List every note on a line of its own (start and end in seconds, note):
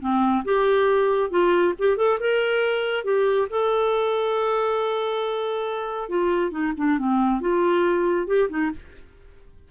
0.00 0.43 C4
0.44 1.30 G4
1.30 1.74 F4
1.78 1.97 G4
1.97 2.19 A4
2.20 3.04 A#4
3.04 3.48 G4
3.50 6.09 A4
6.09 6.51 F4
6.51 6.73 D#4
6.77 6.98 D4
6.98 7.41 C4
7.41 8.27 F4
8.27 8.49 G4
8.49 8.71 D#4